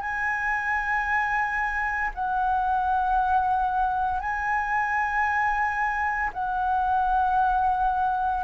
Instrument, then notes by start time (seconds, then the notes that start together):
flute
0.00 G#5
2.14 F#5
4.20 G#5
6.33 F#5